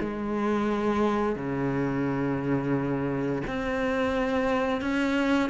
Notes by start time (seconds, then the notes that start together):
0.00 G#3
1.36 C#3
3.47 C4
4.82 C#4